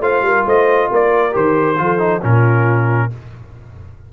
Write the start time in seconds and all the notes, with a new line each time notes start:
0.00 A3 F4 C5 F5
0.22 G3 A#4
0.46 A3 C5 D#5
0.91 A#3 A#4 D5
1.32 D#3 G4 C5
1.78 F3 F4 A4
1.99 D#4
2.22 A#2 C#4 F4 A#4